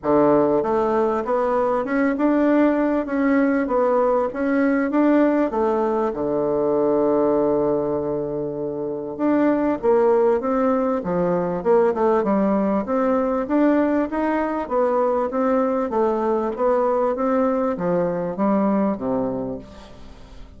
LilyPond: \new Staff \with { instrumentName = "bassoon" } { \time 4/4 \tempo 4 = 98 d4 a4 b4 cis'8 d'8~ | d'4 cis'4 b4 cis'4 | d'4 a4 d2~ | d2. d'4 |
ais4 c'4 f4 ais8 a8 | g4 c'4 d'4 dis'4 | b4 c'4 a4 b4 | c'4 f4 g4 c4 | }